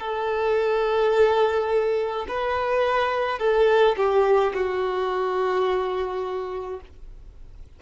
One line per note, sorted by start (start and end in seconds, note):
0.00 2.26 A4
2.28 3.39 B4
3.39 3.96 A4
3.97 4.53 G4
4.54 6.80 F#4